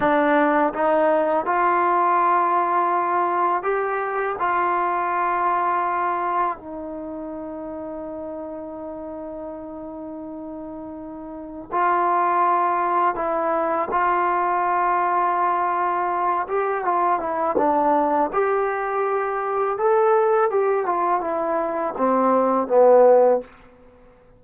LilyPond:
\new Staff \with { instrumentName = "trombone" } { \time 4/4 \tempo 4 = 82 d'4 dis'4 f'2~ | f'4 g'4 f'2~ | f'4 dis'2.~ | dis'1 |
f'2 e'4 f'4~ | f'2~ f'8 g'8 f'8 e'8 | d'4 g'2 a'4 | g'8 f'8 e'4 c'4 b4 | }